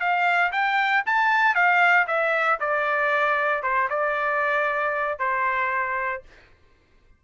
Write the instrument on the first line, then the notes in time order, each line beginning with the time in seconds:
trumpet
0.00 F5
0.52 G5
1.06 A5
1.55 F5
2.07 E5
2.60 D5
3.63 C5
3.90 D5
5.19 C5